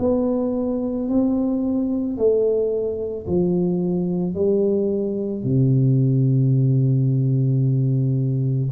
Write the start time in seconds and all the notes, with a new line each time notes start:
0.00 B3
1.09 C4
2.18 A3
3.27 F3
4.35 G3
5.44 C3